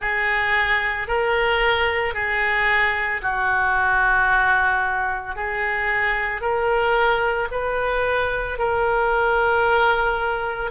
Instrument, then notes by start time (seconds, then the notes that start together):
oboe
0.00 G#4
1.07 A#4
2.14 G#4
3.21 F#4
5.35 G#4
6.40 A#4
7.51 B4
8.58 A#4